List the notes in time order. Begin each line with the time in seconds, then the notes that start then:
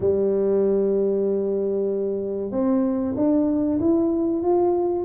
0.00 G3
2.51 C4
3.16 D4
3.80 E4
4.42 F4